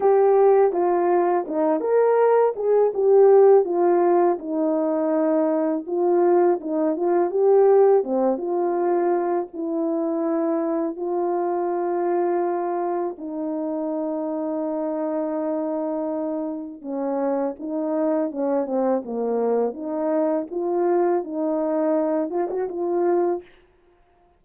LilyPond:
\new Staff \with { instrumentName = "horn" } { \time 4/4 \tempo 4 = 82 g'4 f'4 dis'8 ais'4 gis'8 | g'4 f'4 dis'2 | f'4 dis'8 f'8 g'4 c'8 f'8~ | f'4 e'2 f'4~ |
f'2 dis'2~ | dis'2. cis'4 | dis'4 cis'8 c'8 ais4 dis'4 | f'4 dis'4. f'16 fis'16 f'4 | }